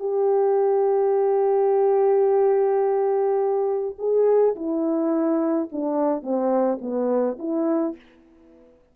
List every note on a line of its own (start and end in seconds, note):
0.00 3.96 G4
3.99 4.56 G#4
4.56 5.69 E4
5.72 6.23 D4
6.23 6.80 C4
6.82 7.38 B3
7.39 7.96 E4